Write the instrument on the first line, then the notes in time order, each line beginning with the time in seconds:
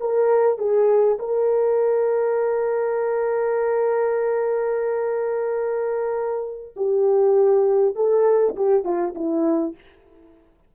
horn
0.00 A#4
0.58 G#4
1.19 A#4
6.76 G4
7.95 A4
8.56 G4
8.84 F4
9.15 E4